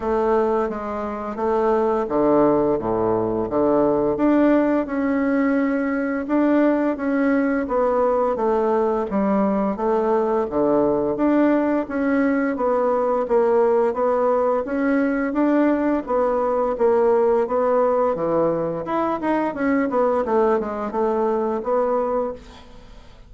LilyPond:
\new Staff \with { instrumentName = "bassoon" } { \time 4/4 \tempo 4 = 86 a4 gis4 a4 d4 | a,4 d4 d'4 cis'4~ | cis'4 d'4 cis'4 b4 | a4 g4 a4 d4 |
d'4 cis'4 b4 ais4 | b4 cis'4 d'4 b4 | ais4 b4 e4 e'8 dis'8 | cis'8 b8 a8 gis8 a4 b4 | }